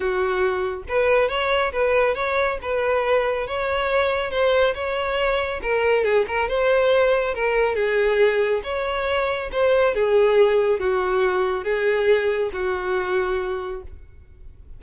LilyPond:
\new Staff \with { instrumentName = "violin" } { \time 4/4 \tempo 4 = 139 fis'2 b'4 cis''4 | b'4 cis''4 b'2 | cis''2 c''4 cis''4~ | cis''4 ais'4 gis'8 ais'8 c''4~ |
c''4 ais'4 gis'2 | cis''2 c''4 gis'4~ | gis'4 fis'2 gis'4~ | gis'4 fis'2. | }